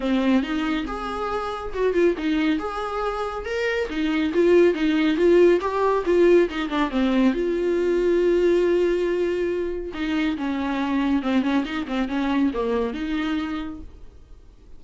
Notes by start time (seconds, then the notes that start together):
0.00 C4
0.42 D#4
0.86 G#4
1.73 F#4
1.93 F4
2.17 D#4
2.58 G#4
3.45 A#4
3.89 D#4
4.33 F4
4.74 D#4
5.16 F4
5.60 G4
6.05 F4
6.49 D#4
6.69 D4
6.90 C4
7.33 F4
9.93 D#4
10.37 C#4
11.22 C4
11.42 C#4
11.64 D#4
11.87 C4
12.08 C#4
12.53 A#3
12.93 D#4